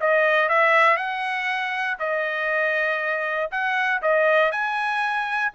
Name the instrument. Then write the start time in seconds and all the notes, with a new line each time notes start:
trumpet
0.00 D#5
0.48 E5
0.96 F#5
1.99 D#5
3.51 F#5
4.02 D#5
4.51 G#5